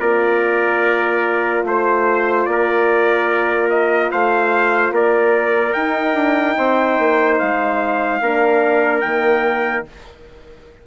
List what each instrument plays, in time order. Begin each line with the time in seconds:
0.00 bassoon A#3, horn F4, trumpet A#4 D5
1.64 bassoon A3, trumpet C5
2.45 bassoon A#3, trumpet D5
2.52 trumpet A#4
3.70 trumpet D#5
4.11 bassoon A3, trumpet C5 F5
4.91 bassoon A#3, trumpet A#4 D5
5.73 bassoon D#4, horn D#4, trumpet G5
6.14 bassoon D4
6.58 bassoon C4, trumpet C5
6.99 bassoon A#3
7.39 bassoon G#3, trumpet F5
8.21 bassoon A#3, horn D4, trumpet A#4
9.01 bassoon D#3, horn A#3, trumpet G5